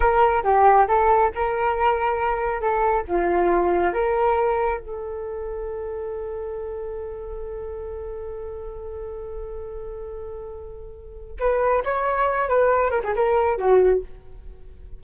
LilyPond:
\new Staff \with { instrumentName = "flute" } { \time 4/4 \tempo 4 = 137 ais'4 g'4 a'4 ais'4~ | ais'2 a'4 f'4~ | f'4 ais'2 a'4~ | a'1~ |
a'1~ | a'1~ | a'2 b'4 cis''4~ | cis''8 b'4 ais'16 gis'16 ais'4 fis'4 | }